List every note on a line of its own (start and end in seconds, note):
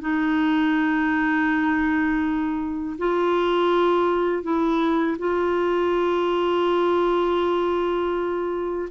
0.00 2.96 D#4
2.98 4.42 F4
4.42 5.16 E4
5.19 8.89 F4